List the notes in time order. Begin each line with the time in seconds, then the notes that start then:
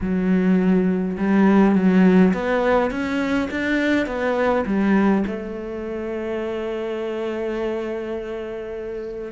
0.01 F#3
1.18 G3
1.75 F#3
2.33 B3
2.90 C#4
3.50 D4
4.06 B3
4.65 G3
5.26 A3